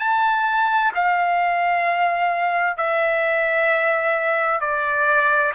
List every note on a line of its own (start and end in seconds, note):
0.00 0.92 A5
0.95 2.78 F5
2.78 4.61 E5
4.61 5.53 D5